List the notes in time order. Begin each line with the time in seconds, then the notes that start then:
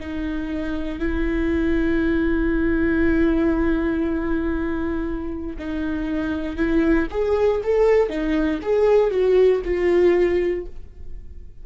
0.00 D#4
0.99 E4
5.59 D#4
6.57 E4
7.11 G#4
7.64 A4
8.09 D#4
8.63 G#4
9.11 F#4
9.65 F4